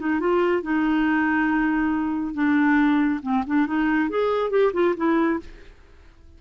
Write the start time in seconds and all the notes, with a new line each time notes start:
0.00 D#4
0.20 F4
0.63 D#4
2.34 D4
3.23 C4
3.47 D4
3.67 D#4
4.10 G#4
4.50 G4
4.73 F4
4.97 E4